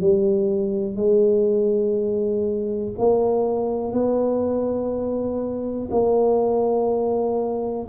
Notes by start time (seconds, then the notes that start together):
0.00 G3
0.96 G#3
2.98 A#3
3.92 B3
5.91 A#3